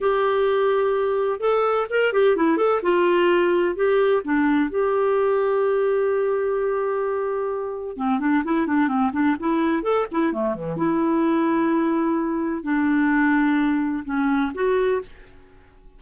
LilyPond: \new Staff \with { instrumentName = "clarinet" } { \time 4/4 \tempo 4 = 128 g'2. a'4 | ais'8 g'8 e'8 a'8 f'2 | g'4 d'4 g'2~ | g'1~ |
g'4 c'8 d'8 e'8 d'8 c'8 d'8 | e'4 a'8 e'8 a8 e8 e'4~ | e'2. d'4~ | d'2 cis'4 fis'4 | }